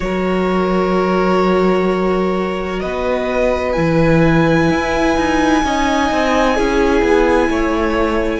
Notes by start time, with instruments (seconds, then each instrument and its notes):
0.00 cello F#3, viola F#4, violin A#4 C#5
2.80 cello B3, violin B4 D#5
3.72 cello E3, viola E4, violin G#5
4.70 cello E4
5.16 cello D#4
5.63 cello C#4, viola D#4, violin D#5
6.11 cello C4
6.55 cello C#4, viola E4, violin G#4
7.01 cello B3
7.48 cello A3, violin C#5